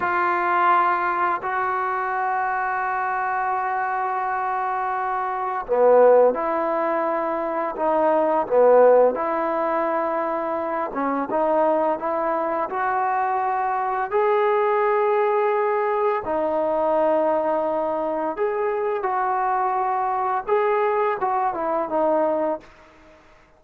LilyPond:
\new Staff \with { instrumentName = "trombone" } { \time 4/4 \tempo 4 = 85 f'2 fis'2~ | fis'1 | b4 e'2 dis'4 | b4 e'2~ e'8 cis'8 |
dis'4 e'4 fis'2 | gis'2. dis'4~ | dis'2 gis'4 fis'4~ | fis'4 gis'4 fis'8 e'8 dis'4 | }